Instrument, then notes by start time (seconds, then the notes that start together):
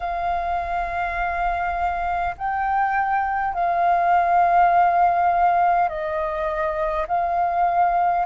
flute
0.00 F5
2.37 G5
3.53 F5
5.88 D#5
7.07 F5